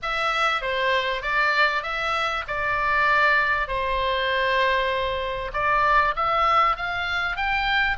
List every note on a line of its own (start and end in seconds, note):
0.02 0.61 E5
0.61 1.22 C5
1.22 1.82 D5
1.82 2.44 E5
2.47 3.67 D5
3.67 5.51 C5
5.53 6.14 D5
6.16 6.76 E5
6.76 7.36 F5
7.36 7.97 G5